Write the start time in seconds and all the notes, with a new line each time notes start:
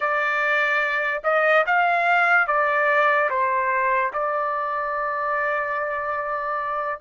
0.00 D5
1.23 D#5
1.66 F5
2.47 D5
3.30 C5
4.13 D5